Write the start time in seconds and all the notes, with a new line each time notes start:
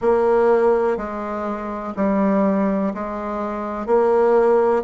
0.00 A#3
0.97 G#3
1.96 G3
2.94 G#3
3.86 A#3